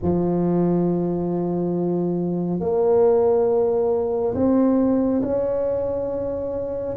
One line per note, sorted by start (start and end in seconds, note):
0.02 2.60 F3
2.60 4.34 A#3
4.34 5.21 C4
5.22 6.96 C#4